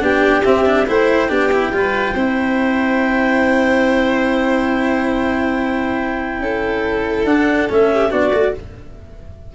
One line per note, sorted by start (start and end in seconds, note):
0.00 0.44 B3
0.00 0.43 D4
0.00 0.88 G4
0.00 0.44 G5
0.44 0.65 C4
0.44 0.88 C4
0.44 0.87 E5
0.65 0.86 D4
0.87 1.30 A3
0.87 1.29 E4
0.87 1.30 C5
0.87 7.26 G5
1.29 1.72 B3
1.29 1.50 D4
1.29 1.72 G4
1.52 1.73 E4
1.73 2.14 G3
1.73 2.15 F4
1.73 2.14 B4
2.14 6.39 C4
2.14 7.27 E4
2.14 6.39 C5
6.39 7.24 C#4
6.39 7.91 A4
7.24 7.67 D4
7.24 7.69 D4
7.24 7.68 F#5
7.69 8.12 A3
7.69 8.10 C#4
7.69 8.12 E5
7.93 8.11 G4
8.10 8.32 B3
8.10 8.32 D4
8.10 8.53 F#4
8.10 8.55 D5
8.32 8.53 A3
8.32 8.54 F#4